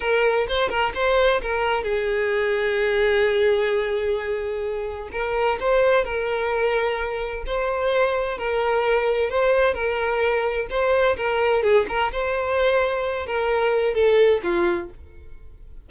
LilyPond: \new Staff \with { instrumentName = "violin" } { \time 4/4 \tempo 4 = 129 ais'4 c''8 ais'8 c''4 ais'4 | gis'1~ | gis'2. ais'4 | c''4 ais'2. |
c''2 ais'2 | c''4 ais'2 c''4 | ais'4 gis'8 ais'8 c''2~ | c''8 ais'4. a'4 f'4 | }